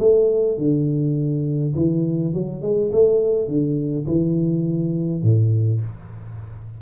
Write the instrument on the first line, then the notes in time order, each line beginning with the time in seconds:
tuba
0.00 A3
0.59 D3
1.76 E3
2.34 F#3
2.62 G#3
2.93 A3
3.48 D3
4.07 E3
5.23 A2